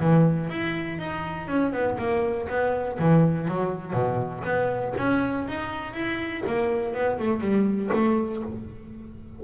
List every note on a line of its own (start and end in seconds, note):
0.00 0.50 E3
0.50 0.99 E4
0.99 1.48 D#4
1.48 1.73 C#4
1.73 1.97 B3
1.98 2.47 A#3
2.48 2.98 B3
2.99 3.48 E3
3.48 3.93 F#3
3.93 4.43 B2
4.44 4.94 B3
4.97 5.47 C#4
5.47 5.93 D#4
5.93 6.43 E4
6.47 6.94 A#3
6.94 7.19 B3
7.19 7.40 A3
7.40 7.90 G3
7.93 8.42 A3